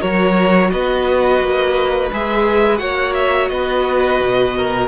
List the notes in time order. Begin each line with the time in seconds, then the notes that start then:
0.00 F#3 F#4 A#4 C#5
0.71 B3 B4 D#5
1.41 A#3
2.12 G#3 G#4 E5
2.78 A#3 F#4 C#5 F#5
3.14 E5
3.48 B3 B4 D#5
4.20 B2
4.57 A#4